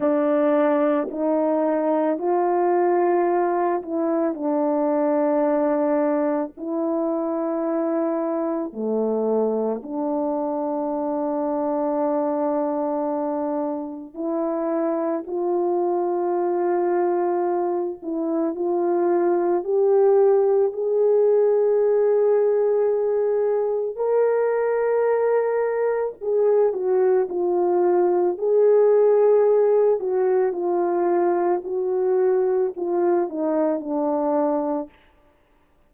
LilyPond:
\new Staff \with { instrumentName = "horn" } { \time 4/4 \tempo 4 = 55 d'4 dis'4 f'4. e'8 | d'2 e'2 | a4 d'2.~ | d'4 e'4 f'2~ |
f'8 e'8 f'4 g'4 gis'4~ | gis'2 ais'2 | gis'8 fis'8 f'4 gis'4. fis'8 | f'4 fis'4 f'8 dis'8 d'4 | }